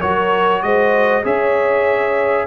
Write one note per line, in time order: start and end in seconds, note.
0.00 0.63 F#3
0.00 1.24 F#4
0.00 0.62 A#4
0.00 0.63 C#5
0.63 1.25 G#3
0.63 1.25 C5
0.63 1.24 D#5
1.24 2.47 C#4
1.24 2.47 G#4
1.24 2.47 C#5
1.24 2.47 E5